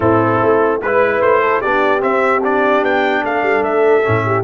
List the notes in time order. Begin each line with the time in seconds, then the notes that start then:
0.00 A2 C4 E4 A4
0.41 A3
0.81 G#3 E4 B4
1.21 A3 C5
1.41 A4
1.61 B3 D4 G4 D5
1.99 C4 E5
2.43 D4 D5
2.82 B3 G5
3.24 A3 A4 F5
3.42 G3
3.61 A3 E5
4.03 A2 C#4
4.25 G4